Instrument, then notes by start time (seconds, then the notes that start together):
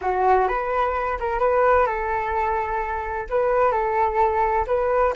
flute
0.01 F#4
0.48 B4
1.19 A#4
1.39 B4
1.86 A4
3.29 B4
3.71 A4
4.66 B4